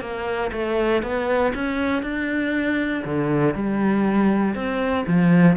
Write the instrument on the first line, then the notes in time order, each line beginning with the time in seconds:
cello
0.00 A#3
0.52 A3
1.02 B3
1.54 C#4
2.02 D4
3.04 D3
3.54 G3
4.54 C4
5.06 F3